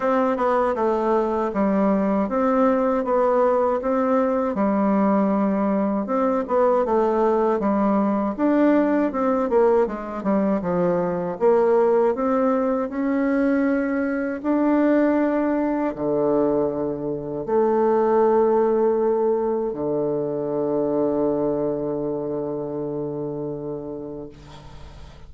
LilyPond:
\new Staff \with { instrumentName = "bassoon" } { \time 4/4 \tempo 4 = 79 c'8 b8 a4 g4 c'4 | b4 c'4 g2 | c'8 b8 a4 g4 d'4 | c'8 ais8 gis8 g8 f4 ais4 |
c'4 cis'2 d'4~ | d'4 d2 a4~ | a2 d2~ | d1 | }